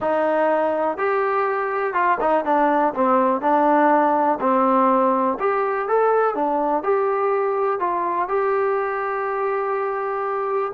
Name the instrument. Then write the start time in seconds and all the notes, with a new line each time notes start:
trombone
0.00 D#4
0.97 G4
1.93 F4
2.20 D#4
2.44 D4
2.94 C4
3.41 D4
4.40 C4
5.39 G4
5.88 A4
6.34 D4
6.83 G4
7.79 F4
8.28 G4